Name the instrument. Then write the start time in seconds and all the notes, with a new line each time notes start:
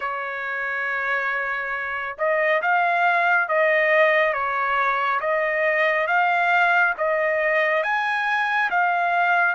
trumpet
0.00 C#5
2.17 D#5
2.62 F5
3.48 D#5
4.33 C#5
5.20 D#5
6.07 F5
6.97 D#5
7.83 G#5
8.70 F5